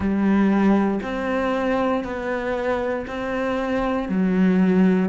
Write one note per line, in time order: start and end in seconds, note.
0.00 1.00 G3
1.02 2.03 C4
2.03 3.05 B3
3.07 4.09 C4
4.09 5.09 F#3